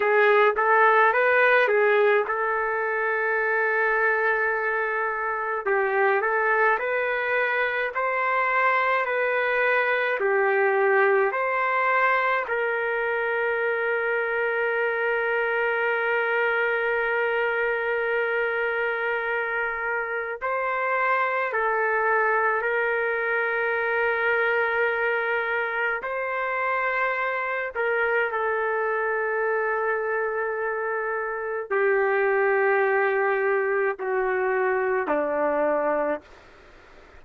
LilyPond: \new Staff \with { instrumentName = "trumpet" } { \time 4/4 \tempo 4 = 53 gis'8 a'8 b'8 gis'8 a'2~ | a'4 g'8 a'8 b'4 c''4 | b'4 g'4 c''4 ais'4~ | ais'1~ |
ais'2 c''4 a'4 | ais'2. c''4~ | c''8 ais'8 a'2. | g'2 fis'4 d'4 | }